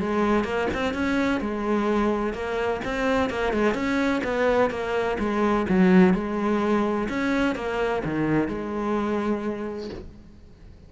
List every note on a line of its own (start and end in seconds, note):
0.00 0.44 G#3
0.44 0.68 A#3
0.74 0.94 C4
0.94 1.40 C#4
1.40 2.33 G#3
2.33 2.80 A#3
2.85 3.30 C4
3.30 3.53 A#3
3.53 3.74 G#3
3.74 4.22 C#4
4.24 4.70 B3
4.70 5.18 A#3
5.19 5.66 G#3
5.69 6.14 F#3
6.14 7.08 G#3
7.09 7.55 C#4
7.55 8.03 A#3
8.05 8.48 D#3
8.48 9.90 G#3